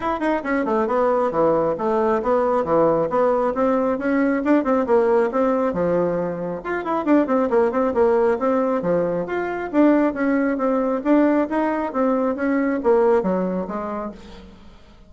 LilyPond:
\new Staff \with { instrumentName = "bassoon" } { \time 4/4 \tempo 4 = 136 e'8 dis'8 cis'8 a8 b4 e4 | a4 b4 e4 b4 | c'4 cis'4 d'8 c'8 ais4 | c'4 f2 f'8 e'8 |
d'8 c'8 ais8 c'8 ais4 c'4 | f4 f'4 d'4 cis'4 | c'4 d'4 dis'4 c'4 | cis'4 ais4 fis4 gis4 | }